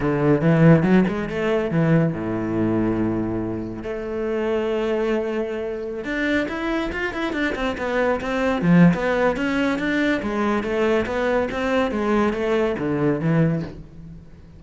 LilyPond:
\new Staff \with { instrumentName = "cello" } { \time 4/4 \tempo 4 = 141 d4 e4 fis8 gis8 a4 | e4 a,2.~ | a,4 a2.~ | a2~ a16 d'4 e'8.~ |
e'16 f'8 e'8 d'8 c'8 b4 c'8.~ | c'16 f8. b4 cis'4 d'4 | gis4 a4 b4 c'4 | gis4 a4 d4 e4 | }